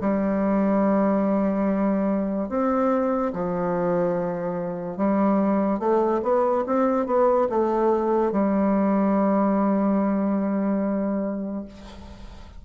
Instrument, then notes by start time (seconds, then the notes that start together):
bassoon
0.00 G3
2.48 C4
3.33 F3
4.97 G3
5.79 A3
6.22 B3
6.66 C4
7.06 B3
7.49 A3
8.31 G3